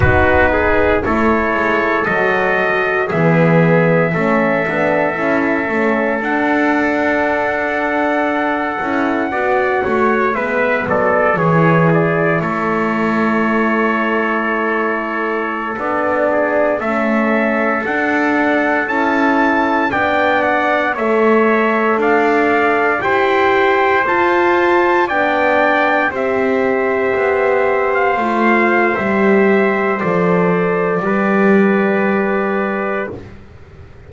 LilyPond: <<
  \new Staff \with { instrumentName = "trumpet" } { \time 4/4 \tempo 4 = 58 b'4 cis''4 dis''4 e''4~ | e''2 fis''2~ | fis''2 e''8 d''8 cis''8 d''8 | cis''2.~ cis''16 d''8.~ |
d''16 e''4 fis''4 a''4 g''8 fis''16~ | fis''16 e''4 f''4 g''4 a''8.~ | a''16 g''4 e''4.~ e''16 f''4 | e''4 d''2. | }
  \new Staff \with { instrumentName = "trumpet" } { \time 4/4 fis'8 gis'8 a'2 gis'4 | a'1~ | a'4 d''8 cis''8 b'8 a'8 gis'4 | a'2.~ a'8. gis'16~ |
gis'16 a'2. d''8.~ | d''16 cis''4 d''4 c''4.~ c''16~ | c''16 d''4 c''2~ c''8.~ | c''2 b'2 | }
  \new Staff \with { instrumentName = "horn" } { \time 4/4 dis'4 e'4 fis'4 b4 | cis'8 d'8 e'8 cis'8 d'2~ | d'8 e'8 fis'4 b4 e'4~ | e'2.~ e'16 d'8.~ |
d'16 cis'4 d'4 e'4 d'8.~ | d'16 a'2 g'4 f'8.~ | f'16 d'4 g'2 f'8. | g'4 a'4 g'2 | }
  \new Staff \with { instrumentName = "double bass" } { \time 4/4 b4 a8 gis8 fis4 e4 | a8 b8 cis'8 a8 d'2~ | d'8 cis'8 b8 a8 gis8 fis8 e4 | a2.~ a16 b8.~ |
b16 a4 d'4 cis'4 b8.~ | b16 a4 d'4 e'4 f'8.~ | f'16 b4 c'4 b4 a8. | g4 f4 g2 | }
>>